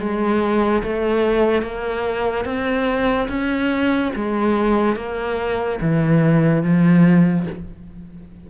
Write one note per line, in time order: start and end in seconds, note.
0.00 0.83 G#3
0.84 1.62 A3
1.62 2.45 A#3
2.45 3.29 C4
3.29 4.12 C#4
4.16 4.96 G#3
4.96 5.80 A#3
5.81 6.64 E3
6.64 7.47 F3